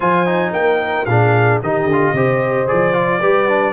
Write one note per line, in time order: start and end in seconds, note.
0.00 0.52 F3
0.00 0.25 F4
0.00 0.53 C5
0.00 0.52 G#5
0.25 1.06 D#4
0.52 1.05 A#3
0.52 1.08 A#4
0.52 1.05 G5
1.05 1.59 A#2
1.05 1.62 D4
1.05 1.61 G#4
1.05 1.59 F5
1.62 1.84 D#3
1.62 1.90 D#4
1.62 2.15 G4
1.62 2.68 D#5
1.84 2.11 D3
1.92 2.16 F4
2.12 2.66 C3
2.12 2.67 G4
2.12 3.21 C5
2.67 3.21 F3
2.67 2.93 G#4
2.67 3.73 D5
2.93 3.19 F4
3.21 3.73 G3
3.21 3.47 G4
3.21 3.73 B4
3.47 3.73 D4